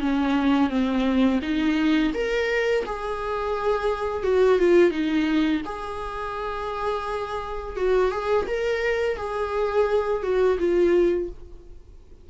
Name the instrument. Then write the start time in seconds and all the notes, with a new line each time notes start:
viola
0.00 C#4
0.70 C4
1.42 D#4
2.14 A#4
2.86 G#4
4.24 F#4
4.59 F4
4.91 D#4
5.65 G#4
7.76 F#4
8.11 G#4
8.47 A#4
9.17 G#4
10.23 F#4
10.59 F4